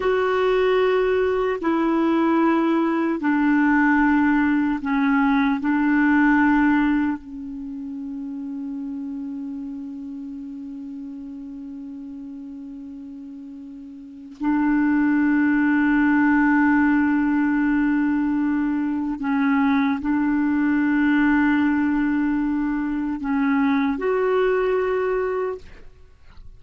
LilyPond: \new Staff \with { instrumentName = "clarinet" } { \time 4/4 \tempo 4 = 75 fis'2 e'2 | d'2 cis'4 d'4~ | d'4 cis'2.~ | cis'1~ |
cis'2 d'2~ | d'1 | cis'4 d'2.~ | d'4 cis'4 fis'2 | }